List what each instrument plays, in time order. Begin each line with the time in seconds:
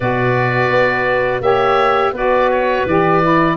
0.00 tuba B2, saxophone F#4, clarinet B4, oboe D5
0.69 tuba B3
1.40 tuba A#3, saxophone G4, clarinet C#5, oboe E5
2.11 tuba B3, saxophone F#4, clarinet B4, oboe D5
2.51 oboe C#5
2.85 tuba E3, saxophone G4, oboe D5
3.22 saxophone E4